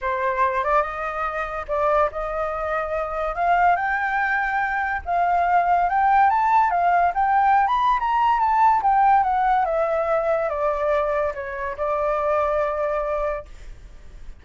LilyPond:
\new Staff \with { instrumentName = "flute" } { \time 4/4 \tempo 4 = 143 c''4. d''8 dis''2 | d''4 dis''2. | f''4 g''2. | f''2 g''4 a''4 |
f''4 g''4~ g''16 b''8. ais''4 | a''4 g''4 fis''4 e''4~ | e''4 d''2 cis''4 | d''1 | }